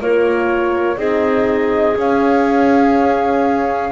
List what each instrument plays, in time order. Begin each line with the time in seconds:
0.00 double bass A#3, horn F4, clarinet A#4, flute C#5
0.97 double bass C4, horn D#4, clarinet G#4, flute D#5
1.96 double bass C#4, horn C#4, flute F5